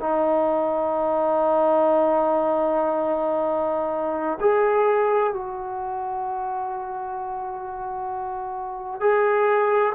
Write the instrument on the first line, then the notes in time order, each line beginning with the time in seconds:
trombone
0.00 D#4
4.41 G#4
5.33 F#4
9.01 G#4